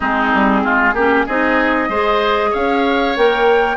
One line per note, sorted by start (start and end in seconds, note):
0.00 0.32 G#3
0.00 0.95 C4
0.00 0.61 D#4
0.00 1.27 G#4
0.33 0.64 G3
0.63 0.93 G#3
0.63 0.94 F4
0.93 1.25 A#3
0.93 1.27 C#4
0.93 1.26 G4
1.26 1.88 C4
1.26 1.90 D#4
1.26 1.89 G#4
1.26 2.53 D#5
1.88 2.52 G#3
1.88 3.16 G#4
1.88 2.50 C5
2.50 3.16 C#4
2.50 3.76 C#5
2.50 3.16 F5
3.16 3.77 A#3
3.16 3.77 A#4
3.16 3.77 G5